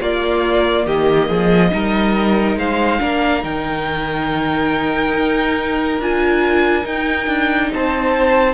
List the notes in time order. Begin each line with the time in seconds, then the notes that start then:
0.00 A#3 F4 D5
0.86 D#3 G4 D#5
1.28 F3 G#4
1.71 G3 D#4 A#4
2.56 G#3 C5 F5
2.99 A#3 D4 A#4
3.41 D#3 D#4 G5
5.13 D#4
5.99 D4 F4 G#5
6.83 D#4 G5
7.27 D4
7.73 C4 C5 A5